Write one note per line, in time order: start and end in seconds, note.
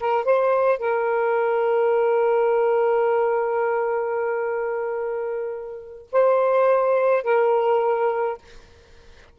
0.00 0.25 A#4
0.25 0.79 C5
0.79 6.07 A#4
6.12 7.23 C5
7.23 8.38 A#4